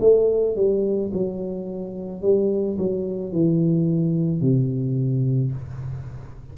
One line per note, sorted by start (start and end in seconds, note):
0.00 0.56 A3
0.56 1.12 G3
1.14 2.22 F#3
2.22 2.77 G3
2.78 3.32 F#3
3.32 4.41 E3
4.41 5.52 C3